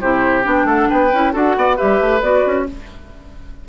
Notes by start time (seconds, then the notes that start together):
0.00 C3 E4 G4 C5
0.43 B3 D4 G5
0.65 A3 A4 F#5
0.89 B3 B4 G5
1.12 C#4 E4
1.32 D4 F#4 A4 F#5
1.56 B3 D5
1.76 G3 G4 B4 E5
2.00 A3
2.21 B3 F#4 D5
2.46 C#4